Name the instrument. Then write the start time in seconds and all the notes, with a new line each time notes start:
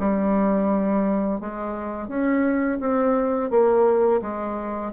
bassoon
0.00 G3
1.41 G#3
2.08 C#4
2.80 C4
3.51 A#3
4.22 G#3